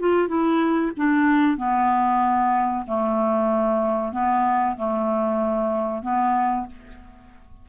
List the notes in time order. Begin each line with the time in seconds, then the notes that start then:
0.00 F4
0.28 E4
0.97 D4
1.58 B3
2.87 A3
4.13 B3
4.77 A3
6.03 B3